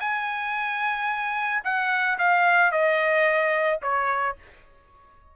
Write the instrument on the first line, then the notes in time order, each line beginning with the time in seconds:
trumpet
0.00 G#5
1.64 F#5
2.18 F5
2.71 D#5
3.82 C#5